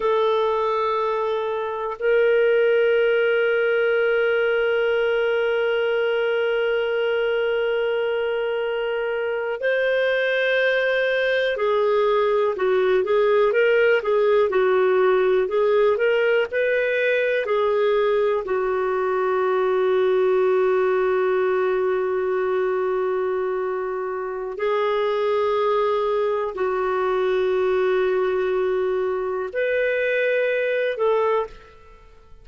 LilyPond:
\new Staff \with { instrumentName = "clarinet" } { \time 4/4 \tempo 4 = 61 a'2 ais'2~ | ais'1~ | ais'4.~ ais'16 c''2 gis'16~ | gis'8. fis'8 gis'8 ais'8 gis'8 fis'4 gis'16~ |
gis'16 ais'8 b'4 gis'4 fis'4~ fis'16~ | fis'1~ | fis'4 gis'2 fis'4~ | fis'2 b'4. a'8 | }